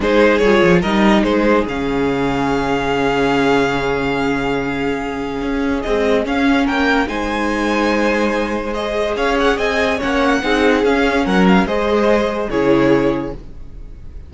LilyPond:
<<
  \new Staff \with { instrumentName = "violin" } { \time 4/4 \tempo 4 = 144 c''4 cis''4 dis''4 c''4 | f''1~ | f''1~ | f''2 dis''4 f''4 |
g''4 gis''2.~ | gis''4 dis''4 f''8 fis''8 gis''4 | fis''2 f''4 fis''8 f''8 | dis''2 cis''2 | }
  \new Staff \with { instrumentName = "violin" } { \time 4/4 gis'2 ais'4 gis'4~ | gis'1~ | gis'1~ | gis'1 |
ais'4 c''2.~ | c''2 cis''4 dis''4 | cis''4 gis'2 ais'4 | c''2 gis'2 | }
  \new Staff \with { instrumentName = "viola" } { \time 4/4 dis'4 f'4 dis'2 | cis'1~ | cis'1~ | cis'2 gis4 cis'4~ |
cis'4 dis'2.~ | dis'4 gis'2. | cis'4 dis'4 cis'2 | gis'2 e'2 | }
  \new Staff \with { instrumentName = "cello" } { \time 4/4 gis4 g8 f8 g4 gis4 | cis1~ | cis1~ | cis4 cis'4 c'4 cis'4 |
ais4 gis2.~ | gis2 cis'4 c'4 | ais4 c'4 cis'4 fis4 | gis2 cis2 | }
>>